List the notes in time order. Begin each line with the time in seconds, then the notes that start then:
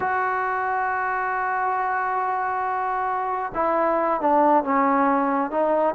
0.00 F#4
3.54 E4
4.21 D4
4.63 C#4
5.50 D#4